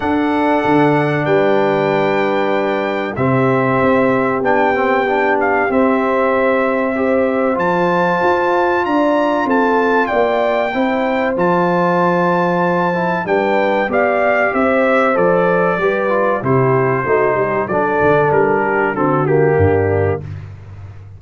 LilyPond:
<<
  \new Staff \with { instrumentName = "trumpet" } { \time 4/4 \tempo 4 = 95 fis''2 g''2~ | g''4 e''2 g''4~ | g''8 f''8 e''2. | a''2 ais''4 a''4 |
g''2 a''2~ | a''4 g''4 f''4 e''4 | d''2 c''2 | d''4 ais'4 a'8 g'4. | }
  \new Staff \with { instrumentName = "horn" } { \time 4/4 a'2 b'2~ | b'4 g'2.~ | g'2. c''4~ | c''2 d''4 a'4 |
d''4 c''2.~ | c''4 b'4 d''4 c''4~ | c''4 b'4 g'4 fis'8 g'8 | a'4. g'8 fis'4 d'4 | }
  \new Staff \with { instrumentName = "trombone" } { \time 4/4 d'1~ | d'4 c'2 d'8 c'8 | d'4 c'2 g'4 | f'1~ |
f'4 e'4 f'2~ | f'8 e'8 d'4 g'2 | a'4 g'8 f'8 e'4 dis'4 | d'2 c'8 ais4. | }
  \new Staff \with { instrumentName = "tuba" } { \time 4/4 d'4 d4 g2~ | g4 c4 c'4 b4~ | b4 c'2. | f4 f'4 d'4 c'4 |
ais4 c'4 f2~ | f4 g4 b4 c'4 | f4 g4 c4 a8 g8 | fis8 d8 g4 d4 g,4 | }
>>